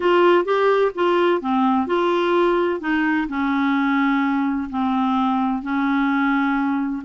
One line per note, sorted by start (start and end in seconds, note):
0.00 0.44 F4
0.44 0.91 G4
0.94 1.41 F4
1.41 1.86 C4
1.86 2.80 F4
2.80 3.27 D#4
3.28 4.69 C#4
4.70 5.62 C4
5.62 7.02 C#4